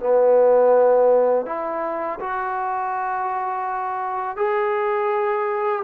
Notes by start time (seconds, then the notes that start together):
0.00 B3
1.46 E4
2.20 F#4
4.37 G#4